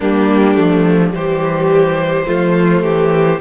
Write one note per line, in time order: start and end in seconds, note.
0.00 0.57 G3
0.00 0.54 A#3
0.00 1.13 D4
0.00 1.14 G4
0.54 1.13 F3
0.54 1.10 A3
1.10 2.26 E3
1.10 2.23 G3
1.10 2.26 G4
1.10 3.40 C5
2.25 2.83 F3
2.25 3.38 A3
2.25 2.83 F4
2.83 3.40 E3
2.83 3.39 G4